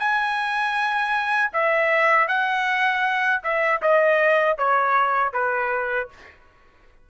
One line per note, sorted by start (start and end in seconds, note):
0.00 1.52 G#5
1.54 2.28 E5
2.28 3.42 F#5
3.44 3.82 E5
3.82 4.58 D#5
4.58 5.33 C#5
5.33 6.09 B4